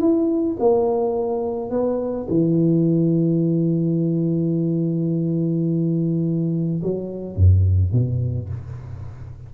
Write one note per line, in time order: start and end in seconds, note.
0.00 0.57 E4
0.59 1.70 A#3
1.70 2.27 B3
2.29 6.82 E3
6.83 7.36 F#3
7.36 7.92 F#2
7.92 8.49 B2